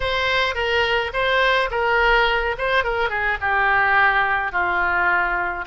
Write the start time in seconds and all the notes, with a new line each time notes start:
0.00 C5
0.55 A#4
1.13 C5
1.71 A#4
2.58 C5
2.84 A#4
3.09 G#4
3.41 G4
4.52 F4